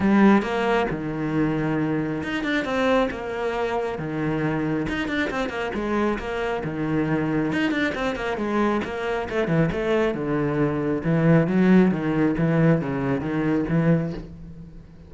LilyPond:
\new Staff \with { instrumentName = "cello" } { \time 4/4 \tempo 4 = 136 g4 ais4 dis2~ | dis4 dis'8 d'8 c'4 ais4~ | ais4 dis2 dis'8 d'8 | c'8 ais8 gis4 ais4 dis4~ |
dis4 dis'8 d'8 c'8 ais8 gis4 | ais4 a8 e8 a4 d4~ | d4 e4 fis4 dis4 | e4 cis4 dis4 e4 | }